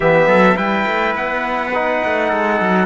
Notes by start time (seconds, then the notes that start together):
0.00 E3 B3 G4 E5
0.26 F#3 A4
0.56 G3 E4 B4 G5
0.87 A3
1.15 B3 F#5
1.74 D#4
2.04 A3
2.28 G#3 A4
2.60 F#3